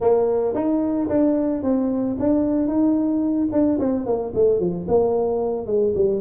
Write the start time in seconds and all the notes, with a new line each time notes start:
0.00 A#3
0.54 D#4
1.08 D4
1.62 C4
2.19 D4
2.67 D#4
3.51 D4
3.79 C4
4.05 A#3
4.34 A3
4.59 F3
4.87 A#3
5.66 G#3
5.95 G3